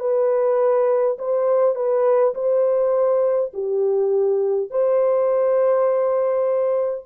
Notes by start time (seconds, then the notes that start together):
0.00 B4
1.19 C5
1.75 B4
2.34 C5
3.54 G4
4.71 C5